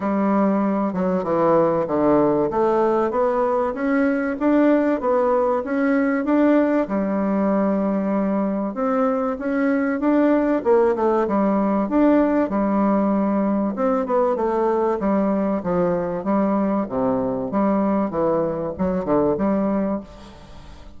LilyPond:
\new Staff \with { instrumentName = "bassoon" } { \time 4/4 \tempo 4 = 96 g4. fis8 e4 d4 | a4 b4 cis'4 d'4 | b4 cis'4 d'4 g4~ | g2 c'4 cis'4 |
d'4 ais8 a8 g4 d'4 | g2 c'8 b8 a4 | g4 f4 g4 c4 | g4 e4 fis8 d8 g4 | }